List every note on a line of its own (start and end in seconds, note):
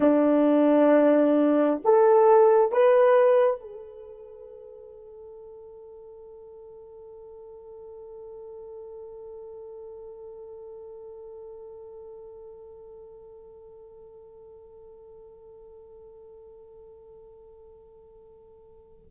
0.00 1.82 D4
1.84 2.71 A4
2.71 3.60 B4
3.60 19.05 A4